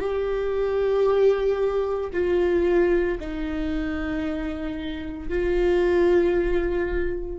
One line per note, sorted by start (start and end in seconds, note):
0.00 2.11 G4
2.13 3.19 F4
3.20 5.29 D#4
5.29 7.39 F4